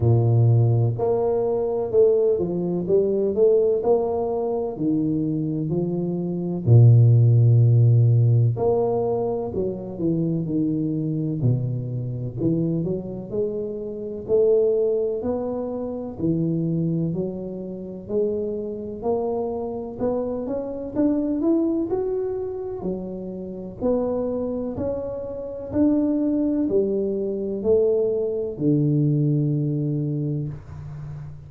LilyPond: \new Staff \with { instrumentName = "tuba" } { \time 4/4 \tempo 4 = 63 ais,4 ais4 a8 f8 g8 a8 | ais4 dis4 f4 ais,4~ | ais,4 ais4 fis8 e8 dis4 | b,4 e8 fis8 gis4 a4 |
b4 e4 fis4 gis4 | ais4 b8 cis'8 d'8 e'8 fis'4 | fis4 b4 cis'4 d'4 | g4 a4 d2 | }